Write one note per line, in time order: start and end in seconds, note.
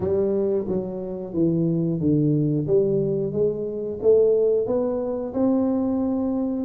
0.00 0.66 G3
0.68 1.33 F#3
1.33 2.00 E3
2.00 2.67 D3
2.67 3.32 G3
3.32 3.98 G#3
4.02 4.66 A3
4.66 5.33 B3
5.33 6.65 C4